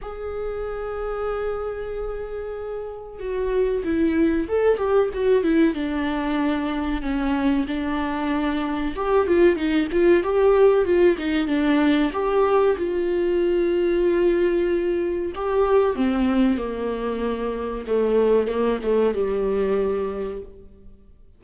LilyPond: \new Staff \with { instrumentName = "viola" } { \time 4/4 \tempo 4 = 94 gis'1~ | gis'4 fis'4 e'4 a'8 g'8 | fis'8 e'8 d'2 cis'4 | d'2 g'8 f'8 dis'8 f'8 |
g'4 f'8 dis'8 d'4 g'4 | f'1 | g'4 c'4 ais2 | a4 ais8 a8 g2 | }